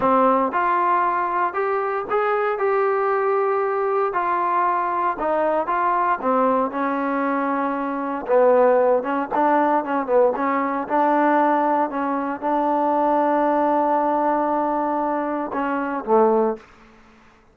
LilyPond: \new Staff \with { instrumentName = "trombone" } { \time 4/4 \tempo 4 = 116 c'4 f'2 g'4 | gis'4 g'2. | f'2 dis'4 f'4 | c'4 cis'2. |
b4. cis'8 d'4 cis'8 b8 | cis'4 d'2 cis'4 | d'1~ | d'2 cis'4 a4 | }